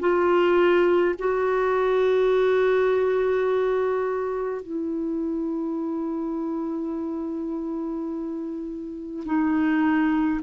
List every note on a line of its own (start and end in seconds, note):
0.00 1.15 F4
1.19 4.63 F#4
4.63 9.24 E4
9.26 10.41 D#4